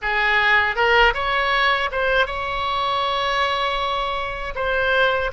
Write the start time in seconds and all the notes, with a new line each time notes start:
0.01 G#4
0.75 A#4
1.14 C#5
1.91 C5
2.26 C#5
4.55 C5